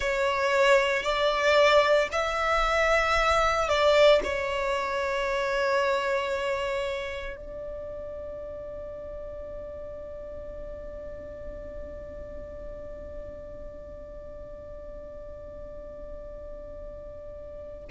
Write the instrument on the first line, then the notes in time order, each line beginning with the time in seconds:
violin
0.00 C#5
1.03 D5
2.11 E5
3.68 D5
4.23 C#5
7.36 D5